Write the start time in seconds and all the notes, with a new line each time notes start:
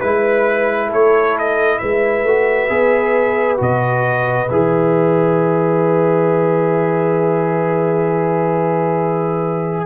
0.00 G#3 E4 B4
0.88 A3 A4 C#5
1.38 D#5
1.78 G#3 B4 E5
2.23 A3 F#4
2.69 B3 G#4
3.57 B2 F#4 D#5
4.48 E3 G#4 E5